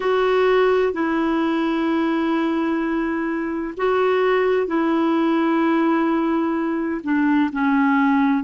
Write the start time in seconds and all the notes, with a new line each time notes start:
0.00 F#4
0.93 E4
3.77 F#4
4.67 E4
7.03 D4
7.52 C#4